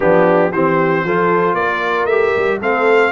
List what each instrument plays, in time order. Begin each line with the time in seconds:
0.00 tuba F3, trombone B3, horn D4, trumpet G4
0.52 tuba E3, trombone C4, horn G4, trumpet C5
1.04 tuba F3, trombone F4, horn A4
1.54 tuba A#3, horn A#4, trumpet D5
2.05 tuba A3, trombone G4, trumpet E5
2.36 tuba G3
2.60 tuba A3, trombone C4, horn A4, trumpet F5